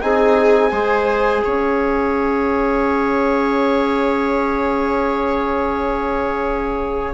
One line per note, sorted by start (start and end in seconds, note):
0.00 0.72 C4
0.00 0.71 D#4
0.00 0.71 G#4
0.00 1.44 G#5
0.71 1.43 G#3
0.71 7.14 G#4
0.71 1.43 C5
1.44 7.14 C#4
1.44 7.14 C#5
1.44 7.14 F5